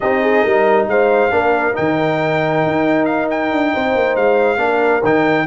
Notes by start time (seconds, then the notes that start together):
0.00 C4 D#4 G4 D#5
0.21 G#4
0.43 G3 A#4
0.87 G#3 C5 F5
1.30 A#3 D4 A#4
1.73 D#3 D#4 G5
2.66 D#4
3.05 F5
3.30 G5
3.51 D4
3.73 C4 C5
3.95 A#3
4.16 G#3 F5
4.57 A#3 D4 A#4
5.03 D#3 D#4 G5